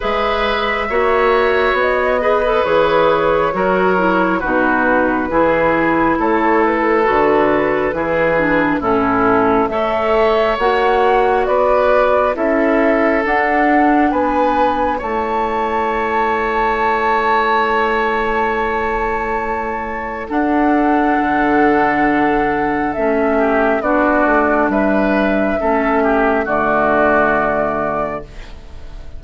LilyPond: <<
  \new Staff \with { instrumentName = "flute" } { \time 4/4 \tempo 4 = 68 e''2 dis''4 cis''4~ | cis''4 b'2 cis''8 b'8~ | b'2 a'4 e''4 | fis''4 d''4 e''4 fis''4 |
gis''4 a''2.~ | a''2. fis''4~ | fis''2 e''4 d''4 | e''2 d''2 | }
  \new Staff \with { instrumentName = "oboe" } { \time 4/4 b'4 cis''4. b'4. | ais'4 fis'4 gis'4 a'4~ | a'4 gis'4 e'4 cis''4~ | cis''4 b'4 a'2 |
b'4 cis''2.~ | cis''2. a'4~ | a'2~ a'8 g'8 fis'4 | b'4 a'8 g'8 fis'2 | }
  \new Staff \with { instrumentName = "clarinet" } { \time 4/4 gis'4 fis'4. gis'16 a'16 gis'4 | fis'8 e'8 dis'4 e'2 | fis'4 e'8 d'8 cis'4 a'4 | fis'2 e'4 d'4~ |
d'4 e'2.~ | e'2. d'4~ | d'2 cis'4 d'4~ | d'4 cis'4 a2 | }
  \new Staff \with { instrumentName = "bassoon" } { \time 4/4 gis4 ais4 b4 e4 | fis4 b,4 e4 a4 | d4 e4 a,4 a4 | ais4 b4 cis'4 d'4 |
b4 a2.~ | a2. d'4 | d2 a4 b8 a8 | g4 a4 d2 | }
>>